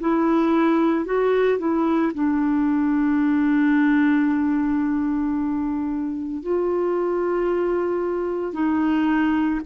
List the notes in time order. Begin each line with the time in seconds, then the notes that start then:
0.00 E4
1.06 F#4
1.59 E4
2.14 D4
6.42 F4
8.54 D#4